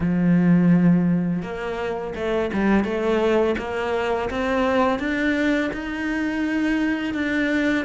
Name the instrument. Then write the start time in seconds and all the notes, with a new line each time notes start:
cello
0.00 F3
1.42 A#3
2.15 A3
2.53 G3
2.84 A3
3.57 A#3
4.30 C4
4.99 D4
5.73 D#4
7.14 D4